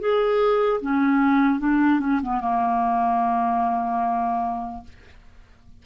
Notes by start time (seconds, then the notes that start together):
0.00 G#4
0.81 C#4
1.60 D4
2.00 C#4
2.23 B3
2.41 A#3